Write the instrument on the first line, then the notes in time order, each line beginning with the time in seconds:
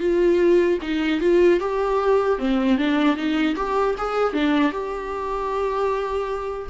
viola
0.00 F4
0.82 D#4
1.21 F4
1.60 G4
2.39 C4
2.78 D4
3.17 D#4
3.56 G4
3.98 G#4
4.34 D4
4.72 G4